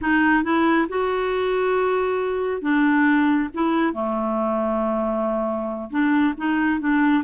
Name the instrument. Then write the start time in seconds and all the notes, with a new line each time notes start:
clarinet
0.01 D#4
0.43 E4
0.89 F#4
2.61 D4
3.54 E4
3.93 A3
5.90 D4
6.37 D#4
6.79 D4